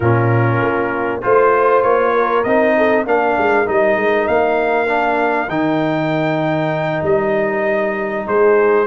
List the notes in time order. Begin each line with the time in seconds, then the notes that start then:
0.00 A#2 C#4 F4 A#4
0.61 A#3
1.21 A3 F4 C5
1.82 A#3 C#5
2.13 A#4
2.43 C4 D#4 D#5
2.77 A4
3.06 A#3 D4 A#4 F5
3.37 G#3
3.65 G3 D#4 D#5
3.96 G#3
4.27 A#3 F5
4.86 D4
5.48 D#3 D#4 G5
7.02 G3 D#5
8.26 G#3 G#4 C5